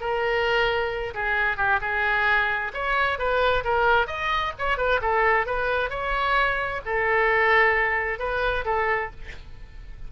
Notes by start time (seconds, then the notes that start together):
0.00 A#4
1.14 G#4
1.57 G4
1.81 G#4
2.74 C#5
3.18 B4
3.64 A#4
4.07 D#5
4.59 C#5
4.77 B4
5.01 A4
5.46 B4
5.90 C#5
6.85 A4
8.19 B4
8.65 A4